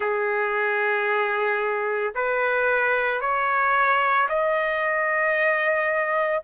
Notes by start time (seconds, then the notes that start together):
0.00 G#4
2.14 B4
3.20 C#5
4.29 D#5